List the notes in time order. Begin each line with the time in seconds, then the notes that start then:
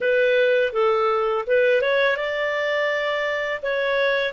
0.00 B4
0.73 A4
1.46 B4
1.81 C#5
2.16 D5
3.62 C#5